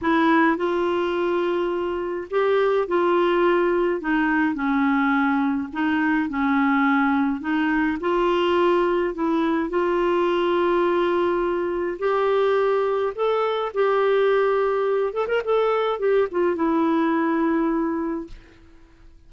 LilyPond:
\new Staff \with { instrumentName = "clarinet" } { \time 4/4 \tempo 4 = 105 e'4 f'2. | g'4 f'2 dis'4 | cis'2 dis'4 cis'4~ | cis'4 dis'4 f'2 |
e'4 f'2.~ | f'4 g'2 a'4 | g'2~ g'8 a'16 ais'16 a'4 | g'8 f'8 e'2. | }